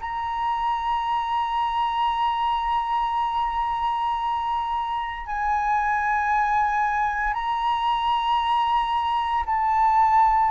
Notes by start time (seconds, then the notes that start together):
0.00 A#5
5.26 G#5
7.33 A#5
9.46 A5